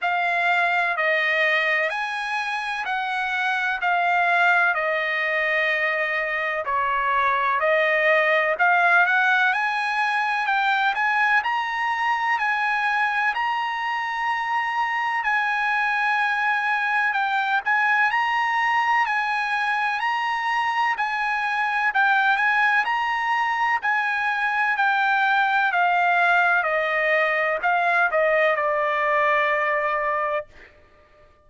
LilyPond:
\new Staff \with { instrumentName = "trumpet" } { \time 4/4 \tempo 4 = 63 f''4 dis''4 gis''4 fis''4 | f''4 dis''2 cis''4 | dis''4 f''8 fis''8 gis''4 g''8 gis''8 | ais''4 gis''4 ais''2 |
gis''2 g''8 gis''8 ais''4 | gis''4 ais''4 gis''4 g''8 gis''8 | ais''4 gis''4 g''4 f''4 | dis''4 f''8 dis''8 d''2 | }